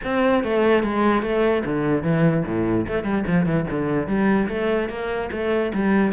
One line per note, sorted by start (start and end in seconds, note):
0.04 0.43 C4
0.43 0.83 A3
0.83 1.22 G#3
1.22 1.63 A3
1.65 2.02 D3
2.02 2.43 E3
2.45 2.86 A2
2.87 3.03 A3
3.03 3.24 G3
3.27 3.45 F3
3.45 3.66 E3
3.70 4.07 D3
4.07 4.48 G3
4.48 4.89 A3
4.89 5.30 A#3
5.31 5.72 A3
5.73 6.12 G3